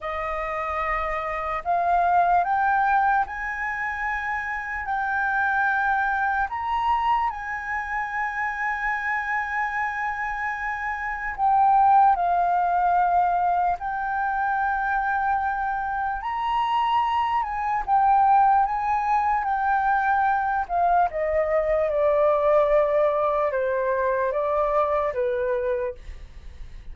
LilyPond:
\new Staff \with { instrumentName = "flute" } { \time 4/4 \tempo 4 = 74 dis''2 f''4 g''4 | gis''2 g''2 | ais''4 gis''2.~ | gis''2 g''4 f''4~ |
f''4 g''2. | ais''4. gis''8 g''4 gis''4 | g''4. f''8 dis''4 d''4~ | d''4 c''4 d''4 b'4 | }